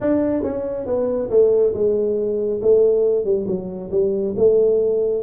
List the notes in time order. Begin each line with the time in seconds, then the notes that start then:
0.00 D4
0.43 C#4
0.86 B3
1.30 A3
1.74 G#3
2.61 A3
3.25 G3
3.47 F#3
3.91 G3
4.36 A3